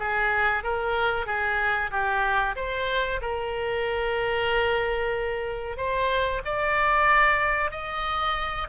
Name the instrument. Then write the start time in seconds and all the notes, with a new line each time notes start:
oboe
0.00 G#4
0.64 A#4
1.27 G#4
1.91 G4
2.57 C5
3.22 A#4
5.78 C5
6.45 D5
7.72 D#5